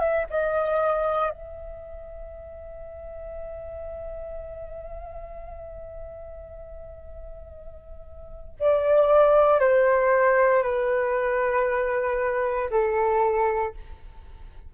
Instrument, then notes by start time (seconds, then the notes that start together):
flute
0.00 E5
0.31 D#5
1.30 E5
8.60 D5
9.60 C5
10.63 B4
12.71 A4